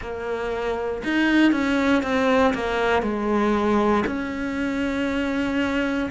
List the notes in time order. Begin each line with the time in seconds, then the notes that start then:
0.00 A#3
1.04 D#4
1.52 C#4
2.02 C4
2.54 A#3
3.02 G#3
4.06 C#4